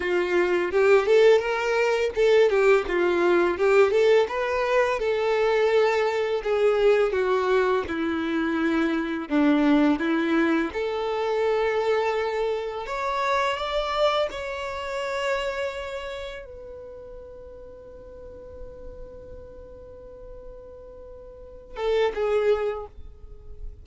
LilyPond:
\new Staff \with { instrumentName = "violin" } { \time 4/4 \tempo 4 = 84 f'4 g'8 a'8 ais'4 a'8 g'8 | f'4 g'8 a'8 b'4 a'4~ | a'4 gis'4 fis'4 e'4~ | e'4 d'4 e'4 a'4~ |
a'2 cis''4 d''4 | cis''2. b'4~ | b'1~ | b'2~ b'8 a'8 gis'4 | }